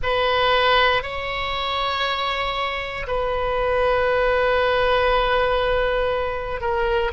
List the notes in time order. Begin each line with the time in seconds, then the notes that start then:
0.02 B4
1.03 C#5
3.07 B4
6.61 A#4